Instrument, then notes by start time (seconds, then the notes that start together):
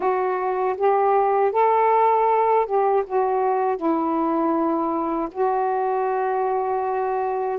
saxophone
0.00 F#4
0.77 G4
1.52 A4
2.66 G4
3.06 F#4
3.76 E4
5.31 F#4